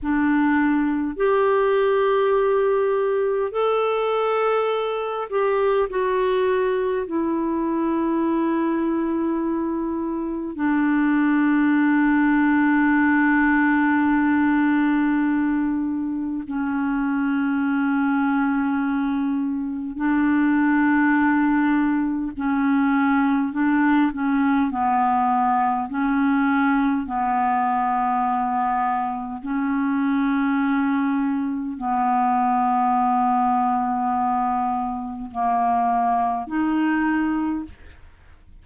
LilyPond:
\new Staff \with { instrumentName = "clarinet" } { \time 4/4 \tempo 4 = 51 d'4 g'2 a'4~ | a'8 g'8 fis'4 e'2~ | e'4 d'2.~ | d'2 cis'2~ |
cis'4 d'2 cis'4 | d'8 cis'8 b4 cis'4 b4~ | b4 cis'2 b4~ | b2 ais4 dis'4 | }